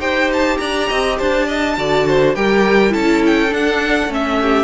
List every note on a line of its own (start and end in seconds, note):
0.00 0.58 D#4
0.00 1.75 G4
0.00 0.58 C5
0.00 0.30 G5
0.33 0.58 A5
0.58 0.90 D4
0.58 0.89 D5
0.58 1.17 A#5
0.89 1.20 C4
0.89 1.18 D#5
1.19 1.78 D4
1.19 1.47 C5
1.19 2.35 A5
1.47 1.76 D#5
1.78 2.36 D3
1.78 2.36 F#4
1.78 2.08 D5
2.08 2.36 C5
2.35 2.94 G3
2.35 2.90 G4
2.35 2.93 A#4
2.35 2.94 G5
2.90 3.53 C#4
2.90 3.48 E4
2.90 4.39 A4
2.90 3.23 A5
3.26 3.54 G5
3.51 4.09 D4
3.51 4.08 D4
3.51 4.12 F#5
4.08 4.64 A3
4.08 4.64 C#4
4.08 4.64 E5
4.42 4.64 G4